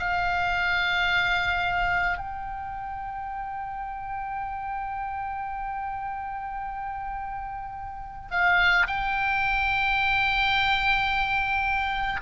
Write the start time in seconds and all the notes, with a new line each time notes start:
0.00 F5
2.18 G5
8.31 F5
8.88 G5